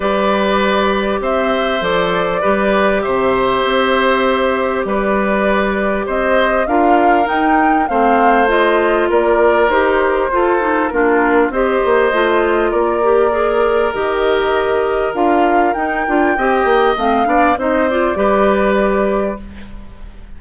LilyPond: <<
  \new Staff \with { instrumentName = "flute" } { \time 4/4 \tempo 4 = 99 d''2 e''4 d''4~ | d''4 e''2. | d''2 dis''4 f''4 | g''4 f''4 dis''4 d''4 |
c''2 ais'4 dis''4~ | dis''4 d''2 dis''4~ | dis''4 f''4 g''2 | f''4 dis''8 d''2~ d''8 | }
  \new Staff \with { instrumentName = "oboe" } { \time 4/4 b'2 c''2 | b'4 c''2. | b'2 c''4 ais'4~ | ais'4 c''2 ais'4~ |
ais'4 a'4 f'4 c''4~ | c''4 ais'2.~ | ais'2. dis''4~ | dis''8 d''8 c''4 b'2 | }
  \new Staff \with { instrumentName = "clarinet" } { \time 4/4 g'2. a'4 | g'1~ | g'2. f'4 | dis'4 c'4 f'2 |
g'4 f'8 dis'8 d'4 g'4 | f'4. g'8 gis'4 g'4~ | g'4 f'4 dis'8 f'8 g'4 | c'8 d'8 dis'8 f'8 g'2 | }
  \new Staff \with { instrumentName = "bassoon" } { \time 4/4 g2 c'4 f4 | g4 c4 c'2 | g2 c'4 d'4 | dis'4 a2 ais4 |
dis'4 f'4 ais4 c'8 ais8 | a4 ais2 dis4~ | dis4 d'4 dis'8 d'8 c'8 ais8 | a8 b8 c'4 g2 | }
>>